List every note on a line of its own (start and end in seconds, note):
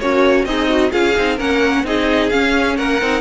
0.00 0.45 A#3
0.00 0.48 C#4
0.00 0.48 F#4
0.00 0.45 C#5
0.45 0.91 C4
0.45 0.92 D#4
0.45 0.70 G#4
0.45 0.91 D#5
0.70 0.91 F#4
0.91 1.17 C#4
0.91 1.14 F4
0.91 1.37 G#4
0.91 1.38 F5
1.16 1.40 C4
1.16 1.38 D#4
1.37 1.84 A#3
1.37 1.85 C#4
1.37 1.83 A#4
1.37 1.86 F#5
1.84 2.30 C4
1.84 2.31 D#4
1.84 2.77 G#4
1.84 2.30 D#5
2.30 3.00 C#4
2.30 2.79 C#4
2.30 2.76 F5
2.77 3.01 A#3
2.77 3.21 A#4
2.77 3.21 F#5
3.01 3.21 C4
3.01 3.21 D#4